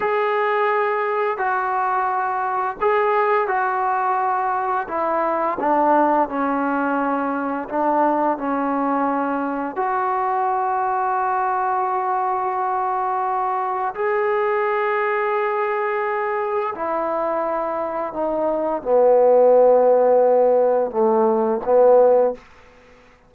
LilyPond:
\new Staff \with { instrumentName = "trombone" } { \time 4/4 \tempo 4 = 86 gis'2 fis'2 | gis'4 fis'2 e'4 | d'4 cis'2 d'4 | cis'2 fis'2~ |
fis'1 | gis'1 | e'2 dis'4 b4~ | b2 a4 b4 | }